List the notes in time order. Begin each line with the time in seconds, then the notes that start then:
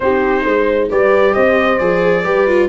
0.00 C4 D#4 G4 C5
0.43 G#3 C5
0.90 G3 G4 B4 D5
1.34 C4 C5 D#5
1.78 F3 G#4 D5
2.23 G3 G4 B4
2.47 F4